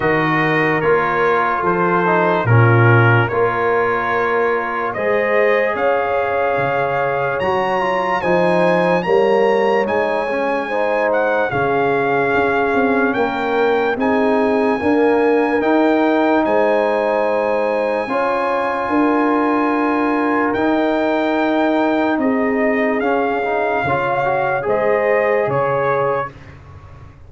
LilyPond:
<<
  \new Staff \with { instrumentName = "trumpet" } { \time 4/4 \tempo 4 = 73 dis''4 cis''4 c''4 ais'4 | cis''2 dis''4 f''4~ | f''4 ais''4 gis''4 ais''4 | gis''4. fis''8 f''2 |
g''4 gis''2 g''4 | gis''1~ | gis''4 g''2 dis''4 | f''2 dis''4 cis''4 | }
  \new Staff \with { instrumentName = "horn" } { \time 4/4 ais'2 a'4 f'4 | ais'2 c''4 cis''4~ | cis''2 c''4 cis''4~ | cis''4 c''4 gis'2 |
ais'4 gis'4 ais'2 | c''2 cis''4 ais'4~ | ais'2. gis'4~ | gis'4 cis''4 c''4 cis''4 | }
  \new Staff \with { instrumentName = "trombone" } { \time 4/4 fis'4 f'4. dis'8 cis'4 | f'2 gis'2~ | gis'4 fis'8 f'8 dis'4 ais4 | dis'8 cis'8 dis'4 cis'2~ |
cis'4 dis'4 ais4 dis'4~ | dis'2 f'2~ | f'4 dis'2. | cis'8 dis'8 f'8 fis'8 gis'2 | }
  \new Staff \with { instrumentName = "tuba" } { \time 4/4 dis4 ais4 f4 ais,4 | ais2 gis4 cis'4 | cis4 fis4 f4 g4 | gis2 cis4 cis'8 c'8 |
ais4 c'4 d'4 dis'4 | gis2 cis'4 d'4~ | d'4 dis'2 c'4 | cis'4 cis4 gis4 cis4 | }
>>